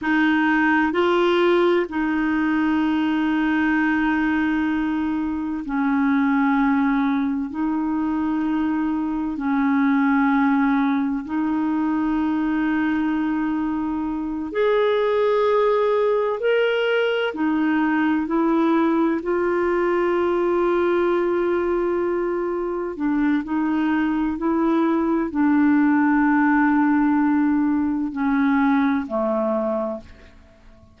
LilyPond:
\new Staff \with { instrumentName = "clarinet" } { \time 4/4 \tempo 4 = 64 dis'4 f'4 dis'2~ | dis'2 cis'2 | dis'2 cis'2 | dis'2.~ dis'8 gis'8~ |
gis'4. ais'4 dis'4 e'8~ | e'8 f'2.~ f'8~ | f'8 d'8 dis'4 e'4 d'4~ | d'2 cis'4 a4 | }